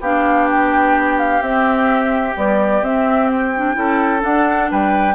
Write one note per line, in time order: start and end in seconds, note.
0.00 1.41 B3
0.00 1.42 D4
0.00 3.75 G4
0.00 0.49 F5
0.50 1.19 G5
1.19 1.42 F5
1.41 2.35 C4
1.41 2.34 C4
1.41 2.36 E5
2.34 2.81 G3
2.34 2.82 B3
2.34 2.84 D5
2.82 3.76 C4
2.82 3.54 C4
2.82 3.28 E5
3.28 4.21 G5
3.56 3.74 D4
3.74 4.23 C#4
3.74 4.19 E4
3.74 4.71 A4
4.19 5.13 D4
4.19 4.71 D4
4.19 4.70 F#5
4.71 5.14 G3
4.71 5.14 B4
4.71 5.14 G5